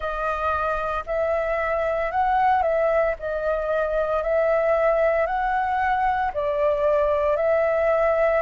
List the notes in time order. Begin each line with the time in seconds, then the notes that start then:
0.00 D#5
1.06 E5
2.11 F#5
2.62 E5
3.19 D#5
4.22 E5
5.26 F#5
6.33 D5
7.36 E5